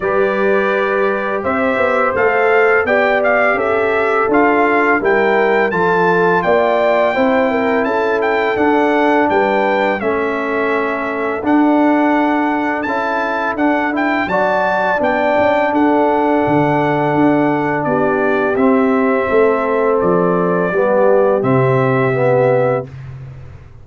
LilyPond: <<
  \new Staff \with { instrumentName = "trumpet" } { \time 4/4 \tempo 4 = 84 d''2 e''4 f''4 | g''8 f''8 e''4 f''4 g''4 | a''4 g''2 a''8 g''8 | fis''4 g''4 e''2 |
fis''2 a''4 fis''8 g''8 | a''4 g''4 fis''2~ | fis''4 d''4 e''2 | d''2 e''2 | }
  \new Staff \with { instrumentName = "horn" } { \time 4/4 b'2 c''2 | d''4 a'2 ais'4 | a'4 d''4 c''8 ais'8 a'4~ | a'4 b'4 a'2~ |
a'1 | d''2 a'2~ | a'4 g'2 a'4~ | a'4 g'2. | }
  \new Staff \with { instrumentName = "trombone" } { \time 4/4 g'2. a'4 | g'2 f'4 e'4 | f'2 e'2 | d'2 cis'2 |
d'2 e'4 d'8 e'8 | fis'4 d'2.~ | d'2 c'2~ | c'4 b4 c'4 b4 | }
  \new Staff \with { instrumentName = "tuba" } { \time 4/4 g2 c'8 b8 a4 | b4 cis'4 d'4 g4 | f4 ais4 c'4 cis'4 | d'4 g4 a2 |
d'2 cis'4 d'4 | fis4 b8 cis'8 d'4 d4 | d'4 b4 c'4 a4 | f4 g4 c2 | }
>>